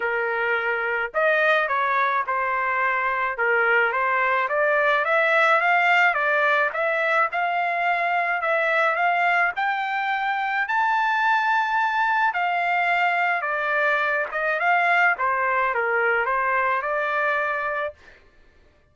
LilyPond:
\new Staff \with { instrumentName = "trumpet" } { \time 4/4 \tempo 4 = 107 ais'2 dis''4 cis''4 | c''2 ais'4 c''4 | d''4 e''4 f''4 d''4 | e''4 f''2 e''4 |
f''4 g''2 a''4~ | a''2 f''2 | d''4. dis''8 f''4 c''4 | ais'4 c''4 d''2 | }